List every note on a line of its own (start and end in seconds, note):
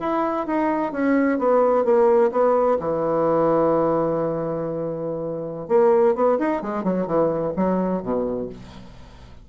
0.00 0.47 E4
0.47 0.92 D#4
0.92 1.38 C#4
1.38 1.85 B3
1.85 2.31 A#3
2.31 2.78 B3
2.79 5.68 E3
5.68 6.15 A#3
6.15 6.38 B3
6.38 6.62 D#4
6.62 6.84 G#3
6.84 7.07 F#3
7.07 7.53 E3
7.56 8.03 F#3
8.03 8.49 B2